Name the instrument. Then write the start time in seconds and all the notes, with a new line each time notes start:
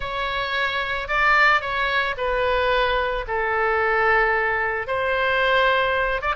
oboe
0.00 C#5
1.08 D5
1.61 C#5
2.17 B4
3.27 A4
4.87 C5
6.21 D5